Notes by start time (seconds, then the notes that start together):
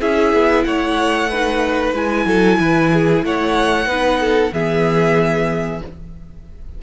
0.00 C#4 E4 G#4 E5
0.33 B3
0.64 A3 C#5 F#5
1.30 D#4 B4
1.93 G#3 E4 G#5
2.26 F#3 A4
2.59 E3 B4
2.93 G#4
3.24 A3 C#5 F#5
3.86 B3 D#4 B4
4.20 A4
4.52 E3 B3 G#4 E5